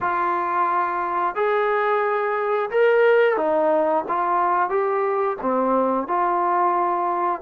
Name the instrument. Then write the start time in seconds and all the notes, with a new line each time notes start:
trombone
0.01 F4
1.35 G#4
2.70 A#4
3.36 D#4
4.08 F4
4.69 G4
5.41 C4
6.07 F4